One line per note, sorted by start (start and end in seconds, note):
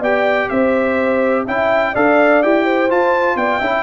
0.00 0.48 B3
0.00 1.47 G4
0.00 0.48 D5
0.00 0.49 G5
0.49 1.46 C4
0.49 1.45 C5
0.49 1.45 E5
1.45 1.95 C#4
1.45 1.96 E4
1.45 1.93 E5
1.45 1.95 G5
1.93 2.44 D4
1.93 2.43 A4
1.93 2.65 D5
1.93 2.42 F5
2.42 2.92 E4
2.42 2.89 G4
2.42 2.90 G5
2.65 3.37 C5
2.89 3.61 F4
2.89 3.36 F4
2.89 3.37 A5
3.36 3.60 B3
3.36 3.59 D5
3.36 3.83 G5
3.59 3.83 C#4
3.59 3.83 E4
3.59 3.83 E5